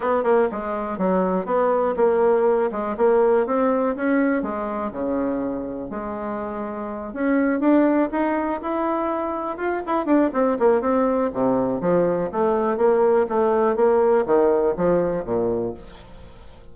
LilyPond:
\new Staff \with { instrumentName = "bassoon" } { \time 4/4 \tempo 4 = 122 b8 ais8 gis4 fis4 b4 | ais4. gis8 ais4 c'4 | cis'4 gis4 cis2 | gis2~ gis8 cis'4 d'8~ |
d'8 dis'4 e'2 f'8 | e'8 d'8 c'8 ais8 c'4 c4 | f4 a4 ais4 a4 | ais4 dis4 f4 ais,4 | }